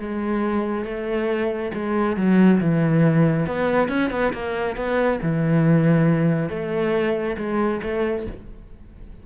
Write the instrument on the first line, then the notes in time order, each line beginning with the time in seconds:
cello
0.00 G#3
0.85 A3
1.74 G#3
2.17 F#3
2.61 E3
3.47 B3
3.89 C#4
4.11 B3
4.33 A#3
4.76 B3
5.23 E3
6.50 A3
7.38 G#3
7.83 A3